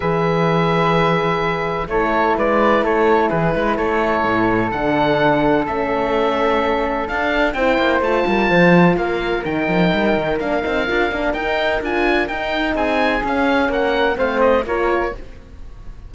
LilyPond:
<<
  \new Staff \with { instrumentName = "oboe" } { \time 4/4 \tempo 4 = 127 e''1 | cis''4 d''4 cis''4 b'4 | cis''2 fis''2 | e''2. f''4 |
g''4 a''2 f''4 | g''2 f''2 | g''4 gis''4 g''4 gis''4 | f''4 fis''4 f''8 dis''8 cis''4 | }
  \new Staff \with { instrumentName = "flute" } { \time 4/4 b'1 | a'4 b'4 a'4 gis'8 b'8 | a'1~ | a'1 |
c''4. ais'8 c''4 ais'4~ | ais'1~ | ais'2. gis'4~ | gis'4 ais'4 c''4 ais'4 | }
  \new Staff \with { instrumentName = "horn" } { \time 4/4 gis'1 | e'1~ | e'2 d'2 | cis'2. d'4 |
e'4 f'2. | dis'2 d'8 dis'8 f'8 d'8 | dis'4 f'4 dis'2 | cis'2 c'4 f'4 | }
  \new Staff \with { instrumentName = "cello" } { \time 4/4 e1 | a4 gis4 a4 e8 gis8 | a4 a,4 d2 | a2. d'4 |
c'8 ais8 a8 g8 f4 ais4 | dis8 f8 g8 dis8 ais8 c'8 d'8 ais8 | dis'4 d'4 dis'4 c'4 | cis'4 ais4 a4 ais4 | }
>>